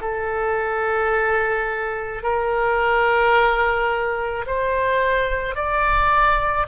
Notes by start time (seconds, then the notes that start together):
0.00 A4
2.22 A#4
4.46 C5
5.55 D5